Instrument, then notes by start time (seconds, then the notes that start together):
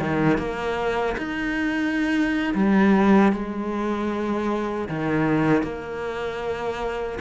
cello
0.00 D#3
0.38 A#3
1.18 D#4
2.55 G3
3.33 G#3
4.89 D#3
5.63 A#3